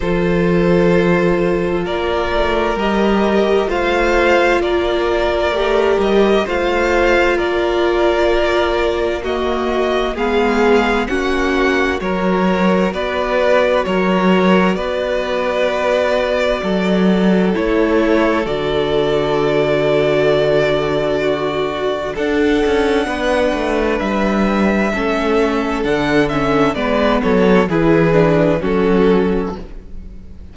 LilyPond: <<
  \new Staff \with { instrumentName = "violin" } { \time 4/4 \tempo 4 = 65 c''2 d''4 dis''4 | f''4 d''4. dis''8 f''4 | d''2 dis''4 f''4 | fis''4 cis''4 d''4 cis''4 |
d''2. cis''4 | d''1 | fis''2 e''2 | fis''8 e''8 d''8 cis''8 b'4 a'4 | }
  \new Staff \with { instrumentName = "violin" } { \time 4/4 a'2 ais'2 | c''4 ais'2 c''4 | ais'2 fis'4 gis'4 | fis'4 ais'4 b'4 ais'4 |
b'2 a'2~ | a'2. fis'4 | a'4 b'2 a'4~ | a'4 b'8 a'8 gis'4 fis'4 | }
  \new Staff \with { instrumentName = "viola" } { \time 4/4 f'2. g'4 | f'2 g'4 f'4~ | f'2 ais4 b4 | cis'4 fis'2.~ |
fis'2. e'4 | fis'1 | d'2. cis'4 | d'8 cis'8 b4 e'8 d'8 cis'4 | }
  \new Staff \with { instrumentName = "cello" } { \time 4/4 f2 ais8 a8 g4 | a4 ais4 a8 g8 a4 | ais2. gis4 | ais4 fis4 b4 fis4 |
b2 fis4 a4 | d1 | d'8 cis'8 b8 a8 g4 a4 | d4 gis8 fis8 e4 fis4 | }
>>